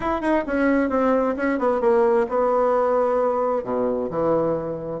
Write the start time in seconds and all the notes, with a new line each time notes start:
0.00 E4
0.21 D#4
0.46 C#4
0.89 C4
1.36 C#4
1.58 B3
1.81 A#3
2.29 B3
3.63 B2
4.10 E3